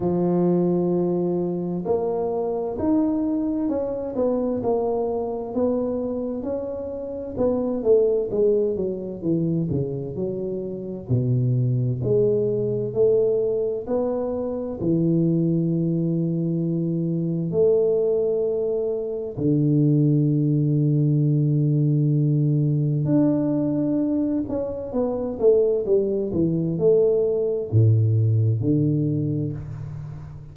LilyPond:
\new Staff \with { instrumentName = "tuba" } { \time 4/4 \tempo 4 = 65 f2 ais4 dis'4 | cis'8 b8 ais4 b4 cis'4 | b8 a8 gis8 fis8 e8 cis8 fis4 | b,4 gis4 a4 b4 |
e2. a4~ | a4 d2.~ | d4 d'4. cis'8 b8 a8 | g8 e8 a4 a,4 d4 | }